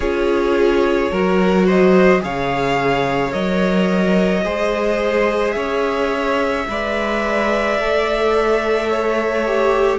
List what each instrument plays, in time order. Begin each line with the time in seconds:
0.00 cello C#4, viola F4, violin G#4 C#5
1.11 cello F#3, viola F#4, violin A#4
1.65 violin C5 D#5
2.20 cello C#3, viola G#4, violin C#5 F5
3.31 cello F#3, viola A#4, violin D#5
4.44 cello G#3, viola G#4, violin C5
5.51 cello C#4, violin C#5 E5
6.68 cello G#3, viola B4, violin D5
7.79 cello A3, viola A4
8.89 violin C#5
9.46 viola G4